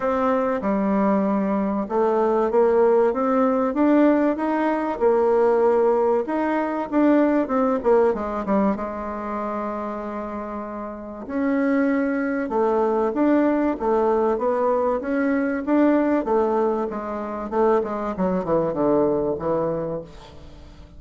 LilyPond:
\new Staff \with { instrumentName = "bassoon" } { \time 4/4 \tempo 4 = 96 c'4 g2 a4 | ais4 c'4 d'4 dis'4 | ais2 dis'4 d'4 | c'8 ais8 gis8 g8 gis2~ |
gis2 cis'2 | a4 d'4 a4 b4 | cis'4 d'4 a4 gis4 | a8 gis8 fis8 e8 d4 e4 | }